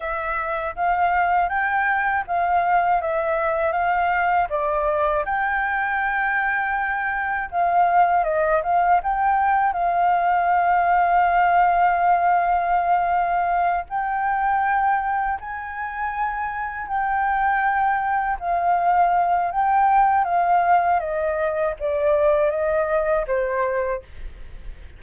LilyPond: \new Staff \with { instrumentName = "flute" } { \time 4/4 \tempo 4 = 80 e''4 f''4 g''4 f''4 | e''4 f''4 d''4 g''4~ | g''2 f''4 dis''8 f''8 | g''4 f''2.~ |
f''2~ f''8 g''4.~ | g''8 gis''2 g''4.~ | g''8 f''4. g''4 f''4 | dis''4 d''4 dis''4 c''4 | }